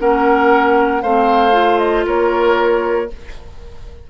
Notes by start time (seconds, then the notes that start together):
0.00 A#3 C#4 A#4 F#5
1.03 A3 C4 C5 F5
1.53 F4
1.79 D#5
2.06 A#3 A#4 C#5